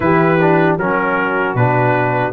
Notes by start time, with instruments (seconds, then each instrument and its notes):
0.00 tuba E3, trombone E4, horn G4, trumpet B4
0.40 trombone D4
0.77 tuba F#3, trombone C#4, horn F#4, trumpet A#4
1.54 tuba B2, trombone D4, trumpet B4